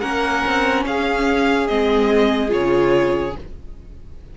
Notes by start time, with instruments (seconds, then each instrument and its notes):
0.00 cello A#3, viola C#4, violin A#4 F#5
0.46 cello C4
0.85 cello C#4, violin G#4 F5
1.67 cello G#3, viola C4, violin D#5
2.49 cello C#3, viola F4, violin C#5